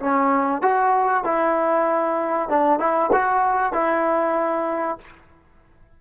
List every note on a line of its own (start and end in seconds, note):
0.00 0.62 C#4
0.62 1.24 F#4
1.24 2.49 E4
2.49 2.79 D4
2.79 3.11 E4
3.12 3.73 F#4
3.73 4.98 E4